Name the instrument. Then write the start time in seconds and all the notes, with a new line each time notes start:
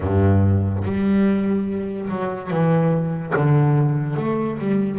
double bass
0.00 G2
0.83 G3
2.09 F#3
2.50 E3
3.35 D3
4.16 A3
4.58 G3